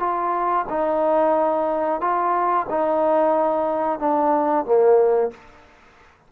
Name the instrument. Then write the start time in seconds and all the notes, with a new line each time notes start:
trombone
0.00 F4
0.70 D#4
2.01 F4
2.70 D#4
4.00 D4
4.65 A#3